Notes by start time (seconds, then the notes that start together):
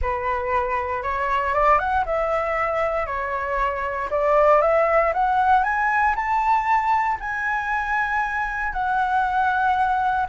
0.01 B4
1.02 C#5
1.54 D5
1.79 F#5
2.05 E5
3.06 C#5
4.10 D5
4.61 E5
5.13 F#5
5.63 G#5
6.15 A5
7.20 G#5
8.72 F#5